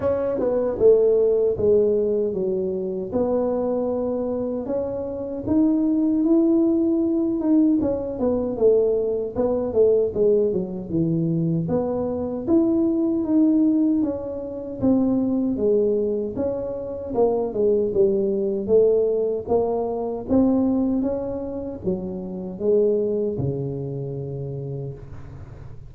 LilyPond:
\new Staff \with { instrumentName = "tuba" } { \time 4/4 \tempo 4 = 77 cis'8 b8 a4 gis4 fis4 | b2 cis'4 dis'4 | e'4. dis'8 cis'8 b8 a4 | b8 a8 gis8 fis8 e4 b4 |
e'4 dis'4 cis'4 c'4 | gis4 cis'4 ais8 gis8 g4 | a4 ais4 c'4 cis'4 | fis4 gis4 cis2 | }